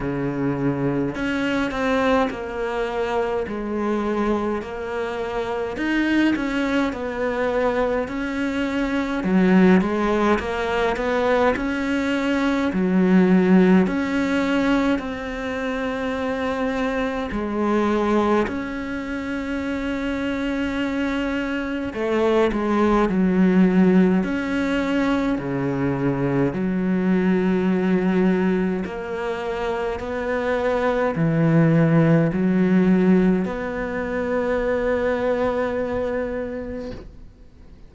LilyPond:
\new Staff \with { instrumentName = "cello" } { \time 4/4 \tempo 4 = 52 cis4 cis'8 c'8 ais4 gis4 | ais4 dis'8 cis'8 b4 cis'4 | fis8 gis8 ais8 b8 cis'4 fis4 | cis'4 c'2 gis4 |
cis'2. a8 gis8 | fis4 cis'4 cis4 fis4~ | fis4 ais4 b4 e4 | fis4 b2. | }